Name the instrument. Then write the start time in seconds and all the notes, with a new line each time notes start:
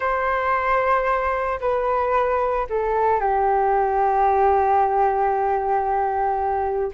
flute
0.00 C5
1.60 B4
2.69 A4
3.20 G4